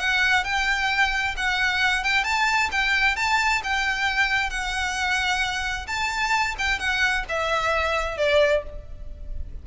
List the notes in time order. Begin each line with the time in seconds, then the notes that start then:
0.00 F#5
0.45 G5
1.37 F#5
2.04 G5
2.25 A5
2.72 G5
3.17 A5
3.64 G5
4.50 F#5
5.88 A5
6.59 G5
6.80 F#5
7.29 E5
8.18 D5